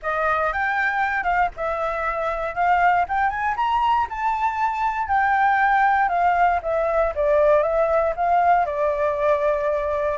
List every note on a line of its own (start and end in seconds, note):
0.02 0.52 D#5
0.52 1.23 G5
1.23 1.49 F5
1.56 2.54 E5
2.54 3.05 F5
3.08 3.30 G5
3.30 3.55 G#5
3.56 4.07 A#5
4.09 5.07 A5
5.07 6.09 G5
6.09 6.59 F5
6.62 7.13 E5
7.15 7.62 D5
7.62 8.13 E5
8.16 8.65 F5
8.65 10.18 D5